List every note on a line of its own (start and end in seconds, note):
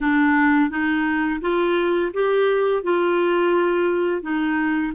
0.01 0.70 D4
0.70 1.40 D#4
1.41 2.11 F4
2.13 2.83 G4
2.83 4.22 F4
4.22 4.92 D#4